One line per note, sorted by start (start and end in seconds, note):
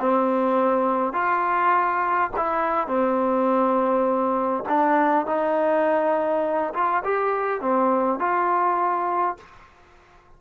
0.00 1.13 C4
1.13 2.31 F4
2.37 2.88 E4
2.88 4.64 C4
4.69 5.26 D4
5.26 6.74 D#4
6.74 7.03 F4
7.04 7.61 G4
7.61 8.20 C4
8.20 9.37 F4